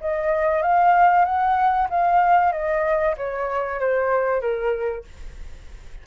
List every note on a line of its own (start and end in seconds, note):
0.00 0.62 D#5
0.62 1.25 F5
1.25 1.88 F#5
1.90 2.52 F5
2.52 3.15 D#5
3.17 3.80 C#5
3.80 4.41 C5
4.41 5.04 A#4